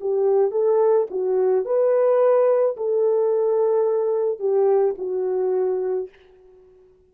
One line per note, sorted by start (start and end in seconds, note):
0.00 0.51 G4
0.51 1.07 A4
1.10 1.65 F#4
1.65 2.76 B4
2.76 4.39 A4
4.39 4.94 G4
4.97 6.09 F#4